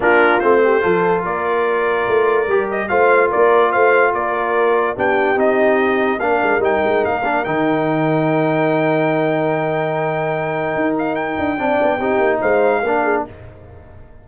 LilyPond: <<
  \new Staff \with { instrumentName = "trumpet" } { \time 4/4 \tempo 4 = 145 ais'4 c''2 d''4~ | d''2~ d''8 dis''8 f''4 | d''4 f''4 d''2 | g''4 dis''2 f''4 |
g''4 f''4 g''2~ | g''1~ | g''2~ g''8 f''8 g''4~ | g''2 f''2 | }
  \new Staff \with { instrumentName = "horn" } { \time 4/4 f'4. g'8 a'4 ais'4~ | ais'2. c''4 | ais'4 c''4 ais'2 | g'2. ais'4~ |
ais'1~ | ais'1~ | ais'1 | d''4 g'4 c''4 ais'8 gis'8 | }
  \new Staff \with { instrumentName = "trombone" } { \time 4/4 d'4 c'4 f'2~ | f'2 g'4 f'4~ | f'1 | d'4 dis'2 d'4 |
dis'4. d'8 dis'2~ | dis'1~ | dis'1 | d'4 dis'2 d'4 | }
  \new Staff \with { instrumentName = "tuba" } { \time 4/4 ais4 a4 f4 ais4~ | ais4 a4 g4 a4 | ais4 a4 ais2 | b4 c'2 ais8 gis8 |
g8 gis8 ais4 dis2~ | dis1~ | dis2 dis'4. d'8 | c'8 b8 c'8 ais8 gis4 ais4 | }
>>